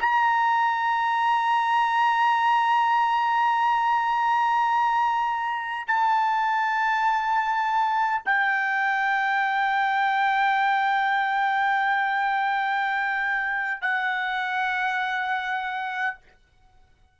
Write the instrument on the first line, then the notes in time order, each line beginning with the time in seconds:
trumpet
0.00 A#5
5.88 A5
8.26 G5
13.81 F#5